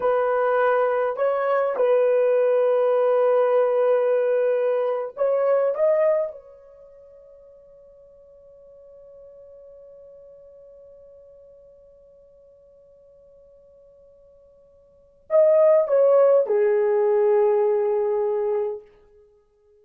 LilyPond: \new Staff \with { instrumentName = "horn" } { \time 4/4 \tempo 4 = 102 b'2 cis''4 b'4~ | b'1~ | b'8. cis''4 dis''4 cis''4~ cis''16~ | cis''1~ |
cis''1~ | cis''1~ | cis''2 dis''4 cis''4 | gis'1 | }